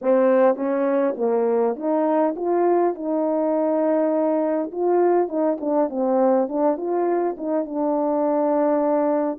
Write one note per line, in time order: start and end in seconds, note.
0.01 0.55 C4
0.55 1.14 C#4
1.17 1.76 A#3
1.76 2.34 D#4
2.35 2.94 F4
2.94 4.71 D#4
4.71 5.28 F4
5.28 5.57 D#4
5.60 5.89 D4
5.89 6.48 C4
6.48 6.77 D4
6.77 7.36 F4
7.37 7.65 D#4
7.65 9.39 D4